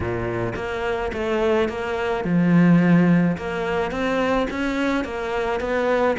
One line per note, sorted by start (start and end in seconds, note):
0.00 0.53 A#2
0.55 1.11 A#3
1.13 1.68 A3
1.68 2.24 A#3
2.24 3.36 F3
3.37 3.91 A#3
3.91 4.47 C4
4.50 5.04 C#4
5.04 5.60 A#3
5.60 6.16 B3